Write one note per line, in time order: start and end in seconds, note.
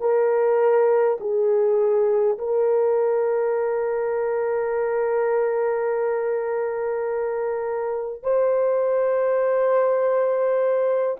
0.00 1.18 A#4
1.20 2.37 G#4
2.38 8.22 A#4
8.22 11.17 C5